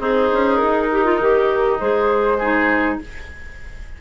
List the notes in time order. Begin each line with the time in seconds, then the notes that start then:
0.00 C4 D#4 G#4 C5
0.33 C#4
0.56 D#4 A#4
0.92 G4
1.05 F4
1.20 D#3 G4
1.80 G#3 G#4 C5
2.39 D#4 G#4